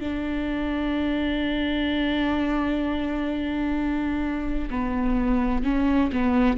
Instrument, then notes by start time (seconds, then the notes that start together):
viola
0.00 D4
4.70 B3
5.64 C#4
6.12 B3